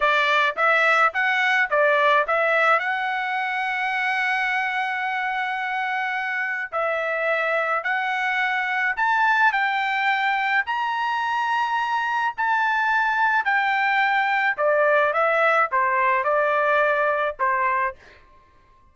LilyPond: \new Staff \with { instrumentName = "trumpet" } { \time 4/4 \tempo 4 = 107 d''4 e''4 fis''4 d''4 | e''4 fis''2.~ | fis''1 | e''2 fis''2 |
a''4 g''2 ais''4~ | ais''2 a''2 | g''2 d''4 e''4 | c''4 d''2 c''4 | }